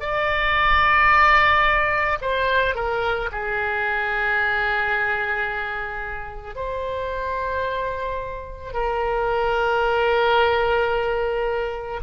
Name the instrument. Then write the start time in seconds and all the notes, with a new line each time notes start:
oboe
0.00 D5
2.21 C5
2.75 A#4
3.32 G#4
6.55 C5
8.73 A#4